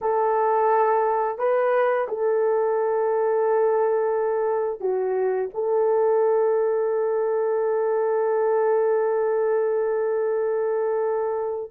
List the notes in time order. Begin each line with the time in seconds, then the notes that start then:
0.01 A4
1.38 B4
2.08 A4
4.80 F#4
5.54 A4